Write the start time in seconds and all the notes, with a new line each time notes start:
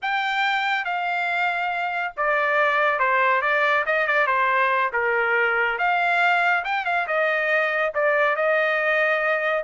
0.02 G5
0.84 F5
2.16 D5
2.99 C5
3.41 D5
3.86 D#5
4.07 D5
4.26 C5
4.92 A#4
5.78 F5
6.64 G5
6.85 F5
7.07 D#5
7.94 D5
8.36 D#5